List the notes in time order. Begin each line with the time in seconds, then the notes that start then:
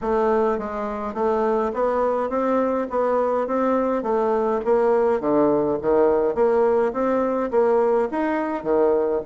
0.01 A3
0.58 G#3
1.14 A3
1.73 B3
2.29 C4
2.90 B3
3.47 C4
4.02 A3
4.64 A#3
5.20 D3
5.81 D#3
6.34 A#3
6.92 C4
7.50 A#3
8.11 D#4
8.63 D#3